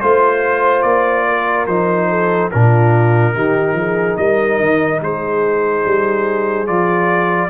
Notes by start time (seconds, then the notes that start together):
0.00 A3 F4 C5
0.82 A#3 D5
1.28 A#4
1.66 F3 D#4 C5
2.09 A4
2.51 A#2 D4 F4 A#4
3.34 D#3 D#4 G4
3.73 F3 G#4
4.17 G3 A#4 D#5
4.60 D#3
5.01 G#3 G#4 C5
5.85 G3
6.66 F3 F4 D5